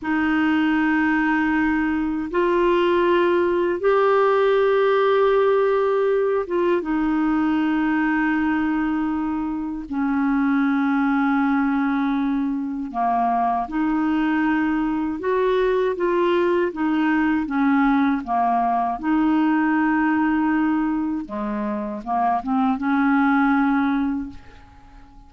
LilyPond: \new Staff \with { instrumentName = "clarinet" } { \time 4/4 \tempo 4 = 79 dis'2. f'4~ | f'4 g'2.~ | g'8 f'8 dis'2.~ | dis'4 cis'2.~ |
cis'4 ais4 dis'2 | fis'4 f'4 dis'4 cis'4 | ais4 dis'2. | gis4 ais8 c'8 cis'2 | }